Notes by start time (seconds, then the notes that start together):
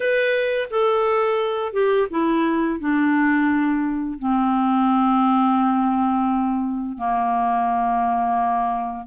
0.00 B4
0.70 A4
1.72 G4
2.10 E4
2.79 D4
4.18 C4
6.97 A#3